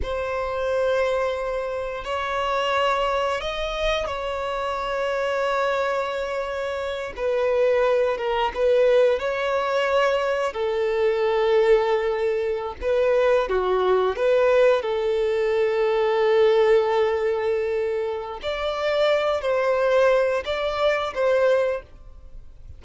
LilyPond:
\new Staff \with { instrumentName = "violin" } { \time 4/4 \tempo 4 = 88 c''2. cis''4~ | cis''4 dis''4 cis''2~ | cis''2~ cis''8 b'4. | ais'8 b'4 cis''2 a'8~ |
a'2~ a'8. b'4 fis'16~ | fis'8. b'4 a'2~ a'16~ | a'2. d''4~ | d''8 c''4. d''4 c''4 | }